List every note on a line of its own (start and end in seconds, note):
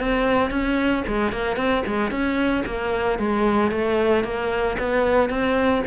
0.00 0.51 C4
0.51 1.04 C#4
1.08 1.33 G#3
1.33 1.57 A#3
1.57 1.83 C4
1.87 2.11 G#3
2.11 2.64 C#4
2.66 3.19 A#3
3.19 3.71 G#3
3.71 4.24 A3
4.24 4.77 A#3
4.79 5.30 B3
5.30 5.83 C4